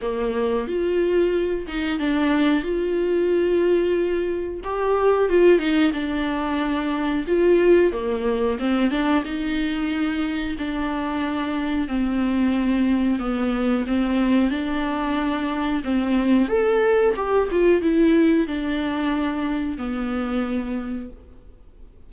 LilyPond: \new Staff \with { instrumentName = "viola" } { \time 4/4 \tempo 4 = 91 ais4 f'4. dis'8 d'4 | f'2. g'4 | f'8 dis'8 d'2 f'4 | ais4 c'8 d'8 dis'2 |
d'2 c'2 | b4 c'4 d'2 | c'4 a'4 g'8 f'8 e'4 | d'2 b2 | }